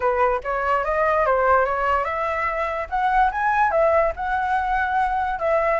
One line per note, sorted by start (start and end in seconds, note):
0.00 0.40 B4
0.43 0.84 C#5
0.84 1.25 D#5
1.26 1.65 C5
1.65 2.04 C#5
2.04 2.87 E5
2.89 3.30 F#5
3.31 3.71 G#5
3.71 4.12 E5
4.15 5.39 F#5
5.39 5.79 E5